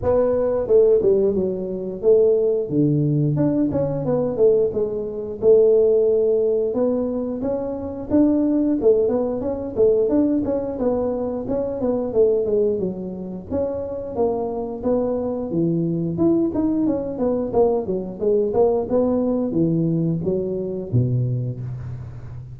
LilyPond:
\new Staff \with { instrumentName = "tuba" } { \time 4/4 \tempo 4 = 89 b4 a8 g8 fis4 a4 | d4 d'8 cis'8 b8 a8 gis4 | a2 b4 cis'4 | d'4 a8 b8 cis'8 a8 d'8 cis'8 |
b4 cis'8 b8 a8 gis8 fis4 | cis'4 ais4 b4 e4 | e'8 dis'8 cis'8 b8 ais8 fis8 gis8 ais8 | b4 e4 fis4 b,4 | }